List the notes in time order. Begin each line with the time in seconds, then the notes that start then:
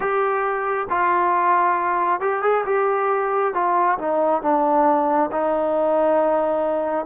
0.00 G4
0.89 F4
2.20 G4
2.42 G#4
2.65 G4
3.53 F4
3.98 D#4
4.42 D4
5.31 D#4